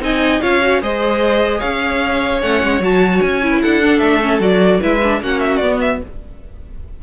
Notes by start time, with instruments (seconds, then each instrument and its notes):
0.00 cello C4, viola D#4, violin D#5 G#5
0.41 cello C#4, viola F4, violin C#5 F5
0.62 viola F#4
0.81 cello G#3, viola G#4, violin C5 D#5
1.58 cello C#4, violin C#5 F5
2.41 cello A3, viola C#4, violin F#5
2.63 cello G#3
2.80 cello F#3, viola F#4, violin A5
3.22 cello C#4, violin G#5
3.43 viola E4
3.50 violin B4
3.62 cello D4, violin A4 F#5
3.82 viola D4
3.99 cello A3, violin E5
4.22 viola C#4
4.39 cello F#3, viola F#4, violin D5
4.80 cello G#3, viola E4, violin B4 E5
5.03 viola D4
5.21 cello A#3, viola C#4, violin F#4 F#5
5.40 violin E5
5.57 cello B3, viola B3, violin D5
5.81 violin E5